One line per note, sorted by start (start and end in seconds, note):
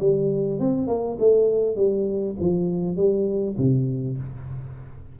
0.00 0.60 G3
0.60 0.88 C4
0.88 1.18 A#3
1.19 1.76 A3
1.76 2.36 G3
2.40 2.97 F3
2.97 3.57 G3
3.58 4.18 C3